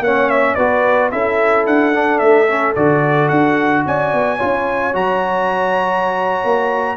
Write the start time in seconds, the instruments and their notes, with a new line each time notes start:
0.00 tuba A#3, trombone C#4, horn C#5, trumpet F#5
0.29 trumpet E5
0.55 tuba B3, trombone F#4, horn B4, trumpet D5
1.11 tuba C#4, trombone E4, horn A4, trumpet E5
1.66 tuba D4, trumpet F#5
1.93 trombone D4
2.18 tuba A3, trumpet E5
2.48 trombone C#4
2.75 tuba D3, trombone F#4, trumpet D5
3.28 tuba D4, trumpet F#5
3.86 tuba C#4, horn D5, trumpet G#5
4.13 tuba B3
4.37 tuba C#4, trombone F4, horn C#5
4.93 tuba F#3, trombone F#4, trumpet A#5
6.44 tuba A#3